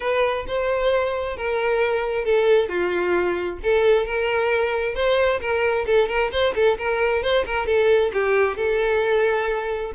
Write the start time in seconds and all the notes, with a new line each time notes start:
0.00 B4
0.47 C5
1.37 A#4
2.25 A4
2.68 F4
3.63 A4
4.05 A#4
4.95 C5
5.40 A#4
5.86 A4
6.08 A#4
6.31 C5
6.55 A4
6.78 A#4
7.22 C5
7.46 A#4
7.66 A4
8.13 G4
8.57 A4